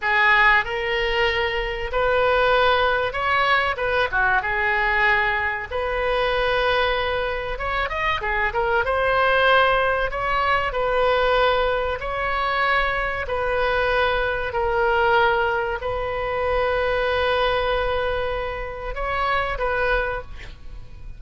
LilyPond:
\new Staff \with { instrumentName = "oboe" } { \time 4/4 \tempo 4 = 95 gis'4 ais'2 b'4~ | b'4 cis''4 b'8 fis'8 gis'4~ | gis'4 b'2. | cis''8 dis''8 gis'8 ais'8 c''2 |
cis''4 b'2 cis''4~ | cis''4 b'2 ais'4~ | ais'4 b'2.~ | b'2 cis''4 b'4 | }